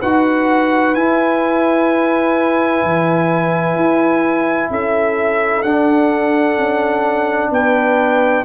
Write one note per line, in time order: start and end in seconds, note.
0.00 0.96 D#4
0.00 0.96 F#4
0.00 4.69 B4
0.00 0.95 F#5
0.95 2.83 E4
0.95 5.65 E4
0.95 4.70 G#5
2.84 3.76 E3
3.76 4.69 E4
4.70 5.64 C#4
4.70 7.51 A4
4.70 5.63 E5
5.63 6.57 D4
5.63 8.45 D4
5.63 7.51 F#5
6.57 7.50 C#4
7.50 8.44 B3
7.50 8.45 B4
7.50 8.45 G5